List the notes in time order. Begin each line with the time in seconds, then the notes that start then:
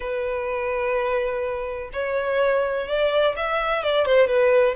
0.00 B4
1.92 C#5
2.87 D5
3.36 E5
3.83 D5
4.05 C5
4.27 B4